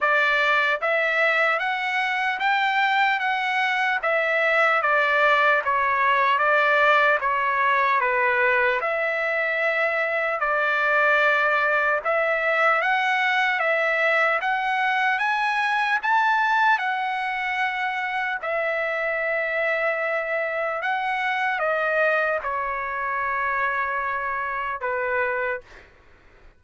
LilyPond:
\new Staff \with { instrumentName = "trumpet" } { \time 4/4 \tempo 4 = 75 d''4 e''4 fis''4 g''4 | fis''4 e''4 d''4 cis''4 | d''4 cis''4 b'4 e''4~ | e''4 d''2 e''4 |
fis''4 e''4 fis''4 gis''4 | a''4 fis''2 e''4~ | e''2 fis''4 dis''4 | cis''2. b'4 | }